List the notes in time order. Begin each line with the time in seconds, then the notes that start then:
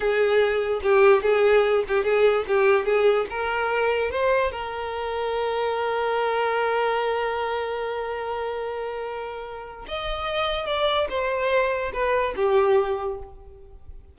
0.00 G#4
0.82 G4
1.22 G#4
1.88 G4
2.04 G#4
2.47 G4
2.85 G#4
3.30 A#4
4.10 C5
4.51 A#4
9.87 D#5
10.66 D5
11.09 C5
11.93 B4
12.36 G4